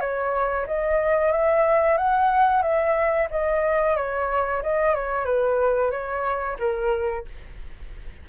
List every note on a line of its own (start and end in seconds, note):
0.00 0.66 C#5
0.67 1.32 D#5
1.32 1.98 E5
1.98 2.62 F#5
2.62 3.28 E5
3.31 3.96 D#5
3.96 4.62 C#5
4.63 4.95 D#5
4.95 5.25 C#5
5.25 5.91 B4
5.91 6.57 C#5
6.59 7.25 A#4